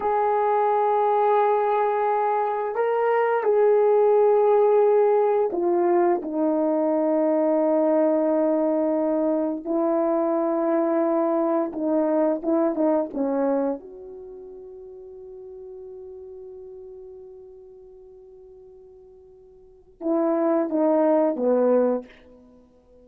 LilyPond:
\new Staff \with { instrumentName = "horn" } { \time 4/4 \tempo 4 = 87 gis'1 | ais'4 gis'2. | f'4 dis'2.~ | dis'2 e'2~ |
e'4 dis'4 e'8 dis'8 cis'4 | fis'1~ | fis'1~ | fis'4 e'4 dis'4 b4 | }